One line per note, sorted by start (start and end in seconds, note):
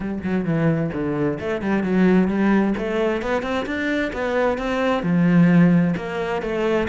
0.00 0.19 G3
0.23 0.44 F#3
0.44 0.90 E3
0.93 1.38 D3
1.39 1.61 A3
1.61 1.83 G3
1.83 2.28 F#3
2.28 2.74 G3
2.77 3.21 A3
3.21 3.42 B3
3.42 3.65 C4
3.66 4.11 D4
4.12 4.58 B3
4.58 5.03 C4
5.03 5.94 F3
5.96 6.41 A#3
6.41 6.87 A3